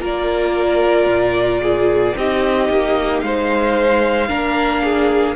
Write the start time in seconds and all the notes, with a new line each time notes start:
0.00 A#3 F4 A#4
0.06 D5
1.06 A#2
1.63 G#4
2.17 C4 D#4 G4 D#5
2.70 A#3
3.21 G#3 C5 F5
4.29 A#3 D4 A#4
4.84 G#4